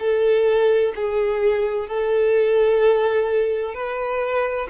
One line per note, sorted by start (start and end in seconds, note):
0.00 0.94 A4
0.96 1.88 G#4
1.88 3.75 A4
3.75 4.68 B4